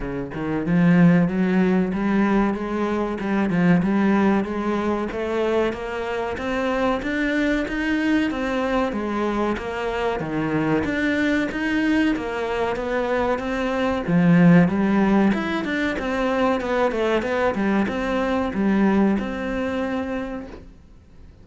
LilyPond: \new Staff \with { instrumentName = "cello" } { \time 4/4 \tempo 4 = 94 cis8 dis8 f4 fis4 g4 | gis4 g8 f8 g4 gis4 | a4 ais4 c'4 d'4 | dis'4 c'4 gis4 ais4 |
dis4 d'4 dis'4 ais4 | b4 c'4 f4 g4 | e'8 d'8 c'4 b8 a8 b8 g8 | c'4 g4 c'2 | }